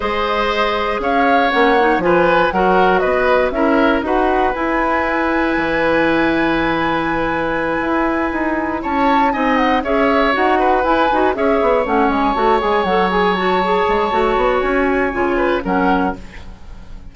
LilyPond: <<
  \new Staff \with { instrumentName = "flute" } { \time 4/4 \tempo 4 = 119 dis''2 f''4 fis''4 | gis''4 fis''4 dis''4 e''4 | fis''4 gis''2.~ | gis''1~ |
gis''4. a''4 gis''8 fis''8 e''8~ | e''8 fis''4 gis''4 e''4 fis''8 | gis''8 a''8 gis''8 fis''8 gis''8 a''4.~ | a''4 gis''2 fis''4 | }
  \new Staff \with { instrumentName = "oboe" } { \time 4/4 c''2 cis''2 | b'4 ais'4 b'4 ais'4 | b'1~ | b'1~ |
b'4. cis''4 dis''4 cis''8~ | cis''4 b'4. cis''4.~ | cis''1~ | cis''2~ cis''8 b'8 ais'4 | }
  \new Staff \with { instrumentName = "clarinet" } { \time 4/4 gis'2. cis'8 dis'8 | f'4 fis'2 e'4 | fis'4 e'2.~ | e'1~ |
e'2~ e'8 dis'4 gis'8~ | gis'8 fis'4 e'8 fis'8 gis'4 cis'8~ | cis'8 fis'8 gis'8 a'8 gis'8 fis'8 gis'4 | fis'2 f'4 cis'4 | }
  \new Staff \with { instrumentName = "bassoon" } { \time 4/4 gis2 cis'4 ais4 | f4 fis4 b4 cis'4 | dis'4 e'2 e4~ | e2.~ e8 e'8~ |
e'8 dis'4 cis'4 c'4 cis'8~ | cis'8 dis'4 e'8 dis'8 cis'8 b8 a8 | gis8 a8 gis8 fis2 gis8 | a8 b8 cis'4 cis4 fis4 | }
>>